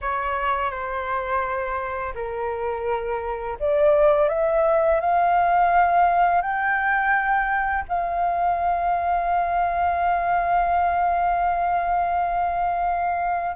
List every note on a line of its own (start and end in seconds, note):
0.01 0.70 C#5
0.70 2.13 C5
2.14 3.57 A#4
3.59 4.29 D5
4.29 5.00 E5
5.00 6.41 F5
6.41 7.84 G5
7.88 13.56 F5